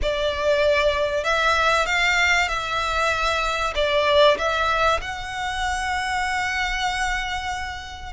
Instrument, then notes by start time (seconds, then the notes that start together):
violin
0.02 D5
1.23 E5
1.86 F5
2.48 E5
3.75 D5
4.38 E5
5.01 F#5